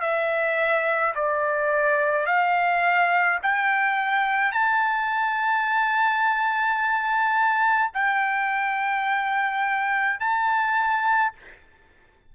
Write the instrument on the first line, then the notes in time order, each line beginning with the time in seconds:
trumpet
0.00 E5
1.15 D5
2.25 F5
3.42 G5
4.51 A5
7.93 G5
10.19 A5